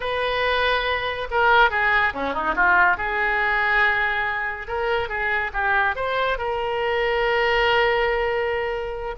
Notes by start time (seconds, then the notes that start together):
0.00 B4
1.31 A#4
1.70 G#4
2.13 C#4
2.33 D#4
2.55 F4
2.97 G#4
4.67 A#4
5.08 G#4
5.53 G4
5.95 C5
6.38 A#4